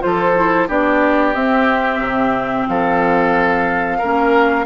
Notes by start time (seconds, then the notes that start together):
0.00 F3 F4 A4 C5
0.36 E4
0.68 B3 D4 G4 D5
1.34 C4 E5
2.00 C3
2.68 F3 A4 F5
3.98 A#3 C#4 A#4